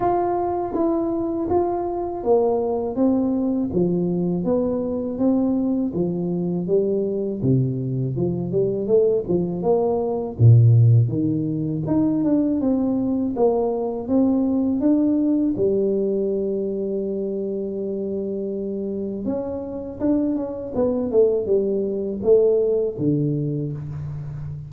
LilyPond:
\new Staff \with { instrumentName = "tuba" } { \time 4/4 \tempo 4 = 81 f'4 e'4 f'4 ais4 | c'4 f4 b4 c'4 | f4 g4 c4 f8 g8 | a8 f8 ais4 ais,4 dis4 |
dis'8 d'8 c'4 ais4 c'4 | d'4 g2.~ | g2 cis'4 d'8 cis'8 | b8 a8 g4 a4 d4 | }